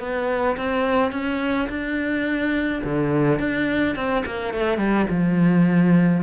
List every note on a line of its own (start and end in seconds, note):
0.00 0.57 B3
0.57 1.12 C4
1.12 1.69 C#4
1.70 2.83 D4
2.84 3.40 D3
3.40 3.96 D4
3.96 4.24 C4
4.26 4.54 A#3
4.54 4.78 A3
4.78 5.06 G3
5.10 6.23 F3